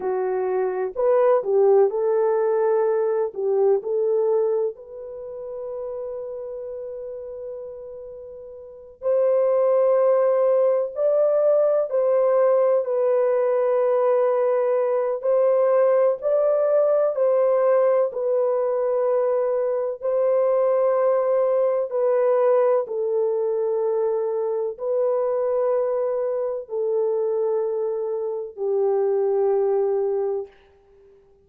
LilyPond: \new Staff \with { instrumentName = "horn" } { \time 4/4 \tempo 4 = 63 fis'4 b'8 g'8 a'4. g'8 | a'4 b'2.~ | b'4. c''2 d''8~ | d''8 c''4 b'2~ b'8 |
c''4 d''4 c''4 b'4~ | b'4 c''2 b'4 | a'2 b'2 | a'2 g'2 | }